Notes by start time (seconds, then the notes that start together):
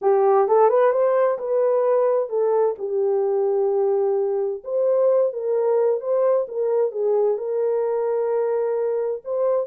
0.01 G4
0.48 A4
0.69 B4
0.92 C5
1.38 B4
2.29 A4
2.78 G4
4.64 C5
5.32 A#4
6.00 C5
6.47 A#4
6.91 G#4
7.37 A#4
9.24 C5